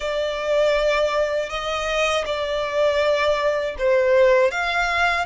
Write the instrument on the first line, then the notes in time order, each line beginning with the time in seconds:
violin
0.00 D5
1.49 D#5
2.25 D5
3.78 C5
4.51 F5